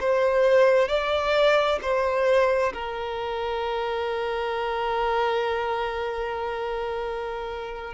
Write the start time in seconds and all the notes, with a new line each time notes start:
0.00 C5
0.88 D5
1.82 C5
2.74 A#4